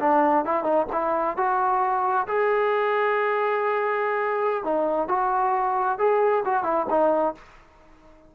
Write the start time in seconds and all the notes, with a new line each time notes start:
0.00 D4
0.45 E4
0.64 D#4
0.92 E4
1.37 F#4
2.28 G#4
4.64 D#4
5.09 F#4
5.99 G#4
6.45 F#4
6.64 E4
6.90 D#4